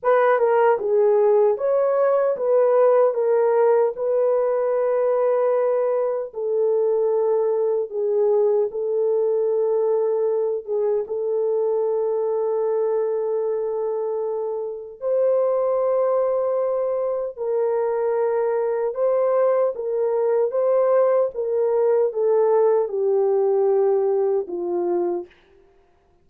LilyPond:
\new Staff \with { instrumentName = "horn" } { \time 4/4 \tempo 4 = 76 b'8 ais'8 gis'4 cis''4 b'4 | ais'4 b'2. | a'2 gis'4 a'4~ | a'4. gis'8 a'2~ |
a'2. c''4~ | c''2 ais'2 | c''4 ais'4 c''4 ais'4 | a'4 g'2 f'4 | }